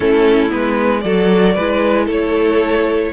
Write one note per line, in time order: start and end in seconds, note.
0.00 0.52 A3
0.00 0.49 C#4
0.00 1.03 E4
0.00 0.51 A4
0.49 1.04 G#3
0.49 1.01 B3
0.49 1.00 B4
1.00 1.56 F#3
1.00 1.58 F#4
1.00 1.54 A4
1.00 2.05 D5
1.54 2.08 G#3
1.54 3.13 E4
1.54 2.05 B4
2.05 3.12 A3
2.05 3.09 A4
2.05 3.13 C#5